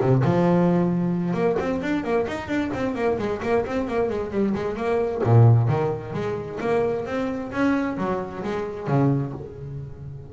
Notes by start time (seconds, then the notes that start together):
0.00 C3
0.24 F3
1.33 A#3
1.59 C4
1.82 D4
2.03 A#3
2.27 D#4
2.48 D4
2.74 C4
2.95 A#3
3.18 G#3
3.42 A#3
3.65 C4
3.87 A#3
4.09 G#3
4.31 G3
4.54 G#3
4.76 A#3
5.24 A#2
5.68 D#3
6.13 G#3
6.60 A#3
7.06 C4
7.51 C#4
7.97 F#3
8.43 G#3
8.87 C#3